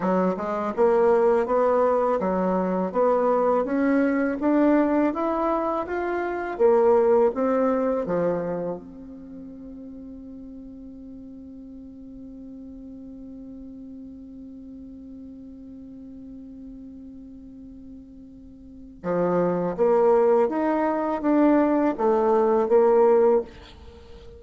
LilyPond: \new Staff \with { instrumentName = "bassoon" } { \time 4/4 \tempo 4 = 82 fis8 gis8 ais4 b4 fis4 | b4 cis'4 d'4 e'4 | f'4 ais4 c'4 f4 | c'1~ |
c'1~ | c'1~ | c'2 f4 ais4 | dis'4 d'4 a4 ais4 | }